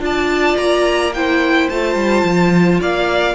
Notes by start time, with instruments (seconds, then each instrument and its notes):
0.00 cello D4, viola F4, violin D5 A5
0.57 cello A#3, violin A#5
1.14 viola E4, violin C5 G5
1.69 cello A3, viola F4, violin A5
1.95 cello G3
2.24 cello F3
2.81 cello A#3, violin D5 F5